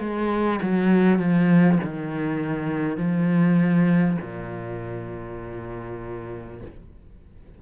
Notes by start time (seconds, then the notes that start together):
0.00 G#3
0.62 F#3
1.19 F3
1.84 D#3
2.97 F3
4.22 A#2